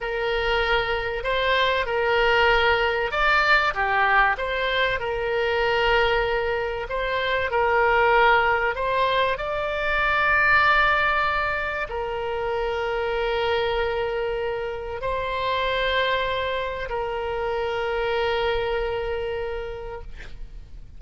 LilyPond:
\new Staff \with { instrumentName = "oboe" } { \time 4/4 \tempo 4 = 96 ais'2 c''4 ais'4~ | ais'4 d''4 g'4 c''4 | ais'2. c''4 | ais'2 c''4 d''4~ |
d''2. ais'4~ | ais'1 | c''2. ais'4~ | ais'1 | }